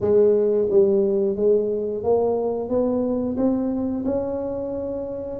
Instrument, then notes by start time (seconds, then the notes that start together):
tuba
0.00 G#3
0.70 G3
1.36 G#3
2.03 A#3
2.69 B3
3.36 C4
4.05 C#4